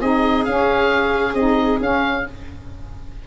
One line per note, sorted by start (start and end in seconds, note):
0.00 0.45 C4
0.00 0.46 D#4
0.00 2.24 G#4
0.00 0.44 D#5
0.44 1.34 C#4
0.44 1.36 C#4
0.44 1.34 F5
1.34 1.79 C4
1.34 1.81 D#4
1.34 1.78 D#5
1.80 2.24 C#4
1.80 2.26 C#4
1.80 2.27 F5